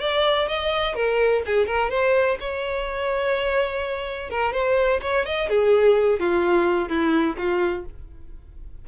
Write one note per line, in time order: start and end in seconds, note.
0.00 0.48 D5
0.48 0.95 D#5
0.95 1.42 A#4
1.46 1.66 G#4
1.66 1.90 A#4
1.90 2.37 C5
2.40 4.30 C#5
4.30 4.53 A#4
4.53 5.00 C5
5.02 5.25 C#5
5.25 5.49 D#5
5.49 6.19 G#4
6.19 6.88 F4
6.88 7.36 E4
7.37 7.85 F4